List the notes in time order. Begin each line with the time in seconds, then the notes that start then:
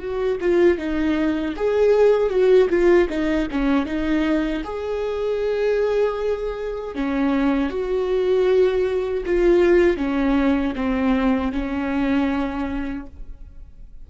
0.00 F#4
0.41 F4
0.78 D#4
1.57 G#4
2.30 F#4
2.70 F4
3.10 D#4
3.51 C#4
3.86 D#4
4.65 G#4
6.95 C#4
7.70 F#4
9.26 F4
9.98 C#4
10.76 C4
11.53 C#4